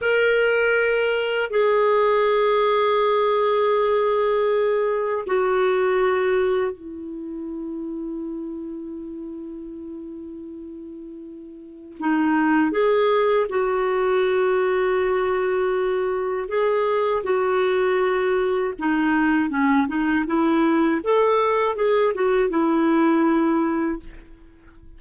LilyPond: \new Staff \with { instrumentName = "clarinet" } { \time 4/4 \tempo 4 = 80 ais'2 gis'2~ | gis'2. fis'4~ | fis'4 e'2.~ | e'1 |
dis'4 gis'4 fis'2~ | fis'2 gis'4 fis'4~ | fis'4 dis'4 cis'8 dis'8 e'4 | a'4 gis'8 fis'8 e'2 | }